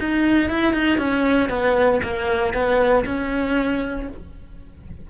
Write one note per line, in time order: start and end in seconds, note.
0.00 0.50 D#4
0.50 0.73 E4
0.73 0.98 D#4
0.98 1.49 C#4
1.49 2.01 B3
2.04 2.54 A#3
2.54 3.05 B3
3.06 4.08 C#4